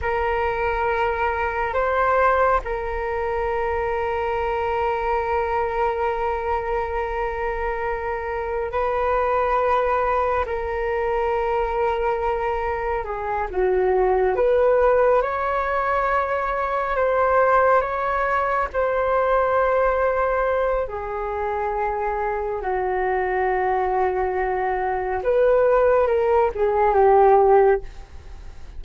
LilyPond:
\new Staff \with { instrumentName = "flute" } { \time 4/4 \tempo 4 = 69 ais'2 c''4 ais'4~ | ais'1~ | ais'2 b'2 | ais'2. gis'8 fis'8~ |
fis'8 b'4 cis''2 c''8~ | c''8 cis''4 c''2~ c''8 | gis'2 fis'2~ | fis'4 b'4 ais'8 gis'8 g'4 | }